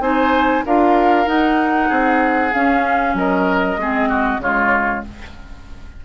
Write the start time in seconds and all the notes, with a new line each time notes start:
0.00 C4 D#4 C5 G#5
0.66 D4 F4 A#4 F5
1.26 D#4 F#5
1.89 C4 G#4
2.53 C#4 F5
3.14 F#3 A#4 D#5
3.76 G#3 C4 G#4
4.09 F#4
4.38 C#3 G#3 F4 C#5